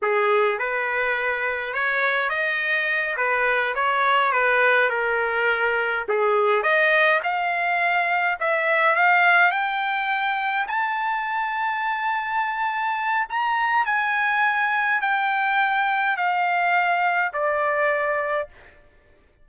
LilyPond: \new Staff \with { instrumentName = "trumpet" } { \time 4/4 \tempo 4 = 104 gis'4 b'2 cis''4 | dis''4. b'4 cis''4 b'8~ | b'8 ais'2 gis'4 dis''8~ | dis''8 f''2 e''4 f''8~ |
f''8 g''2 a''4.~ | a''2. ais''4 | gis''2 g''2 | f''2 d''2 | }